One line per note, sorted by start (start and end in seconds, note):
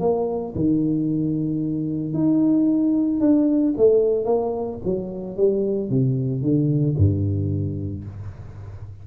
0.00 0.54 A#3
0.55 2.14 D#3
2.14 3.20 D#4
3.20 3.74 D4
3.77 4.24 A3
4.24 4.78 A#3
4.85 5.37 F#3
5.37 5.90 G3
5.90 6.42 C3
6.42 6.95 D3
6.97 8.05 G2